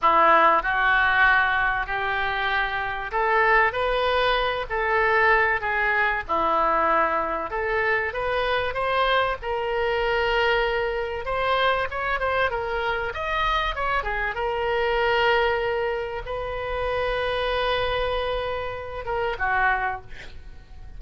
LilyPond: \new Staff \with { instrumentName = "oboe" } { \time 4/4 \tempo 4 = 96 e'4 fis'2 g'4~ | g'4 a'4 b'4. a'8~ | a'4 gis'4 e'2 | a'4 b'4 c''4 ais'4~ |
ais'2 c''4 cis''8 c''8 | ais'4 dis''4 cis''8 gis'8 ais'4~ | ais'2 b'2~ | b'2~ b'8 ais'8 fis'4 | }